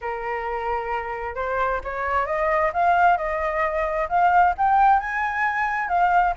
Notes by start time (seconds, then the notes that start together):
0.01 A#4
1.35 C5
1.83 C#5
2.26 D#5
2.73 F5
3.17 D#5
4.08 F5
4.57 G5
4.99 G#5
5.88 F5